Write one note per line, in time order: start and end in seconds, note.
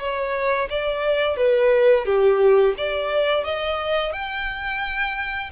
0.00 0.69 C#5
0.70 1.37 D5
1.37 2.06 B4
2.06 2.75 G4
2.77 3.45 D5
3.45 4.13 D#5
4.13 5.51 G5